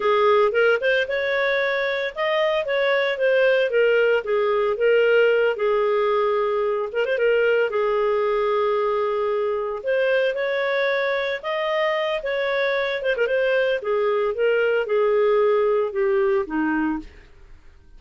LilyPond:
\new Staff \with { instrumentName = "clarinet" } { \time 4/4 \tempo 4 = 113 gis'4 ais'8 c''8 cis''2 | dis''4 cis''4 c''4 ais'4 | gis'4 ais'4. gis'4.~ | gis'4 ais'16 c''16 ais'4 gis'4.~ |
gis'2~ gis'8 c''4 cis''8~ | cis''4. dis''4. cis''4~ | cis''8 c''16 ais'16 c''4 gis'4 ais'4 | gis'2 g'4 dis'4 | }